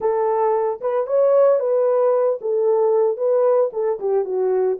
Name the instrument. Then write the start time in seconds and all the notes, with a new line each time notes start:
horn
0.00 A4
0.80 B4
1.06 C#5
1.59 B4
2.41 A4
3.17 B4
3.72 A4
3.99 G4
4.24 F#4